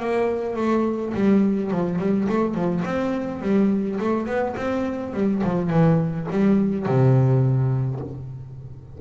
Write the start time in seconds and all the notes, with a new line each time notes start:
0.00 A#3
0.56 A3
1.14 G3
1.71 F3
1.99 G3
2.29 A3
2.55 F3
2.85 C4
3.42 G3
4.00 A3
4.27 B3
4.57 C4
5.14 G3
5.44 F3
5.70 E3
6.31 G3
6.86 C3